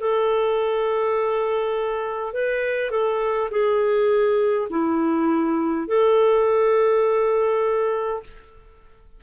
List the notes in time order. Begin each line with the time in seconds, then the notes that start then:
0.00 A4
2.34 B4
2.91 A4
3.51 G#4
4.70 E4
5.88 A4